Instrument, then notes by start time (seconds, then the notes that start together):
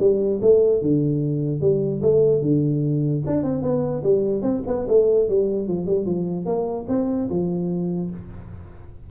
tuba
0.00 G3
0.42 A3
0.82 D3
1.61 G3
2.02 A3
2.42 D3
3.27 D4
3.44 C4
3.63 B3
4.04 G3
4.42 C4
4.67 B3
4.89 A3
5.29 G3
5.68 F3
5.87 G3
6.06 F3
6.46 A#3
6.89 C4
7.30 F3